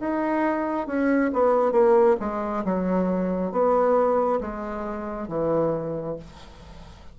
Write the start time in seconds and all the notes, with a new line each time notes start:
0.00 D#4
0.87 C#4
1.33 B3
1.72 A#3
2.20 G#3
2.65 F#3
3.52 B3
4.41 G#3
5.28 E3